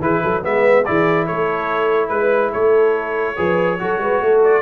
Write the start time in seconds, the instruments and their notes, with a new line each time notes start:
0.00 tuba E3, trombone E4, horn G#4, trumpet B4
0.22 tuba F#3, horn A4
0.42 tuba G#3, trombone B3, horn B4, trumpet E5
0.84 tuba E3, trombone E4, horn G#4, trumpet D5
1.25 tuba A3, horn A4, trumpet C#5
2.08 tuba G#3, trumpet B4, horn B4
2.52 tuba A3, horn A4, trumpet C#5
3.36 tuba F3, trombone G#4, horn B4
3.78 tuba F#3, trombone F#4, horn A4
3.98 tuba G#3, horn B4
4.21 tuba A3, horn A4
4.43 trumpet D5